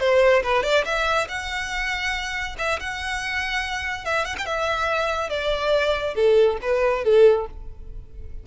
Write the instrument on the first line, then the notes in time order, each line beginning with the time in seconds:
violin
0.00 C5
0.43 B4
0.63 D5
0.85 E5
1.28 F#5
2.58 E5
2.80 F#5
4.05 E5
4.25 F#5
4.38 G5
4.46 E5
5.30 D5
6.15 A4
6.62 B4
7.04 A4